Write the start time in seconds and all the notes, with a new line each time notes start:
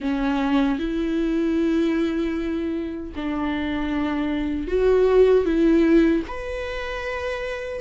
0.00 C#4
0.78 E4
3.15 D4
4.67 F#4
5.45 E4
6.27 B4